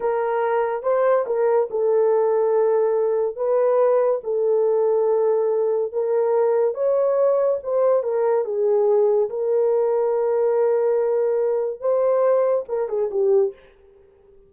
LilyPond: \new Staff \with { instrumentName = "horn" } { \time 4/4 \tempo 4 = 142 ais'2 c''4 ais'4 | a'1 | b'2 a'2~ | a'2 ais'2 |
cis''2 c''4 ais'4 | gis'2 ais'2~ | ais'1 | c''2 ais'8 gis'8 g'4 | }